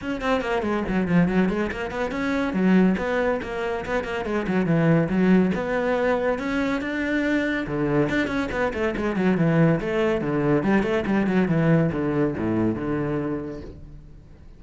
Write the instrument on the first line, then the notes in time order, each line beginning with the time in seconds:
cello
0.01 C#4
0.21 C4
0.41 A#3
0.62 G#3
0.88 F#3
1.07 F3
1.28 F#3
1.49 G#3
1.71 A#3
1.90 B3
2.11 C#4
2.53 F#3
2.97 B3
3.42 A#3
3.85 B3
4.04 A#3
4.25 G#3
4.47 F#3
4.66 E3
5.09 F#3
5.54 B3
6.38 C#4
6.81 D4
7.66 D3
8.09 D4
8.27 C#4
8.51 B3
8.73 A3
8.96 G#3
9.16 F#3
9.37 E3
9.80 A3
10.21 D3
10.63 G3
10.82 A3
11.06 G3
11.26 F#3
11.48 E3
11.92 D3
12.37 A2
12.75 D3